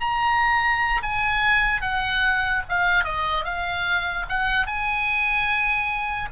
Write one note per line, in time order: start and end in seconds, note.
0.00 1.01 A#5
1.02 1.81 G#5
1.81 2.62 F#5
2.68 3.04 F5
3.04 3.44 D#5
3.44 4.25 F5
4.29 4.66 F#5
4.66 6.28 G#5